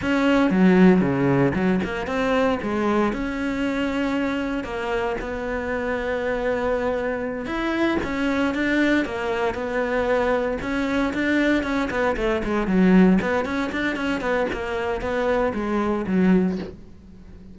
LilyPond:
\new Staff \with { instrumentName = "cello" } { \time 4/4 \tempo 4 = 116 cis'4 fis4 cis4 fis8 ais8 | c'4 gis4 cis'2~ | cis'4 ais4 b2~ | b2~ b8 e'4 cis'8~ |
cis'8 d'4 ais4 b4.~ | b8 cis'4 d'4 cis'8 b8 a8 | gis8 fis4 b8 cis'8 d'8 cis'8 b8 | ais4 b4 gis4 fis4 | }